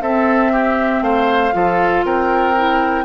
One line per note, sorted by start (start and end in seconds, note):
0.00 1.01 C4
0.00 1.52 C4
0.00 0.52 A4
0.00 1.03 E5
0.52 1.03 G4
1.01 1.52 A3
1.01 1.54 C5
1.01 2.04 F5
1.52 2.04 F3
1.52 2.54 F4
1.52 2.05 A4
2.04 3.04 C4
2.04 3.04 A#4
2.04 3.04 G5
2.56 3.04 E4